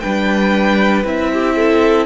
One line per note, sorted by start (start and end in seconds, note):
0.00 1.04 G3
0.00 1.04 D4
0.00 1.32 B4
0.00 1.03 G5
1.04 2.06 C4
1.04 2.06 E4
1.04 2.06 E5
1.33 1.56 G4
1.56 2.06 A4